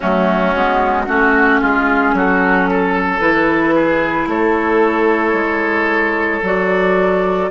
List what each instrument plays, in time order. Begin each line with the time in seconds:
0.00 bassoon F#3, clarinet A3, oboe C#4, flute F#4
0.54 bassoon G#3, clarinet B3
1.06 bassoon A3, clarinet C#4, oboe F#4
1.60 bassoon G#3, oboe F4, flute G#4
2.13 bassoon F#3, oboe F#4, flute A4
2.70 oboe A4
3.20 bassoon E3, clarinet E4, flute B4
3.75 oboe G#4
4.26 bassoon A3, oboe A4, flute C#5
5.33 bassoon G#3
6.42 bassoon F#3, clarinet F#4, flute D5